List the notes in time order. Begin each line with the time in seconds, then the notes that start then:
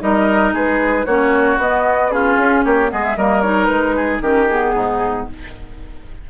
0.00 G3 D#4 A#4 D#5
0.54 G#3 G#4 B4
1.06 A#3 C#4 F#4 C#5
1.58 B3 D#5
2.11 C#4 F4 G#4
2.37 C#4
2.65 A#3 G4 C#5
2.89 G#3 B3 G#4 D#5
3.04 E5
3.17 G3 A#3 A#4 D#5
3.42 D#4 C#5
3.65 G#3 B4
3.96 G#4
4.21 D#3 C#4 G4 A#4
4.49 B3 G#4
4.75 G#2 D#4